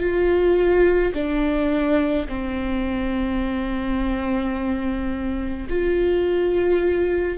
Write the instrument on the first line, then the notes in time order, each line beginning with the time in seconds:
viola
0.00 F4
1.15 D4
2.28 C4
5.70 F4